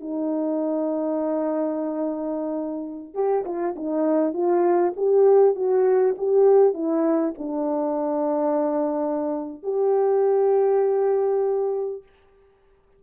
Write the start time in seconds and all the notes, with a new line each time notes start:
0.00 D#4
3.14 G4
3.45 F4
3.76 D#4
4.33 F4
4.96 G4
5.55 F#4
6.18 G4
6.74 E4
7.38 D4
9.63 G4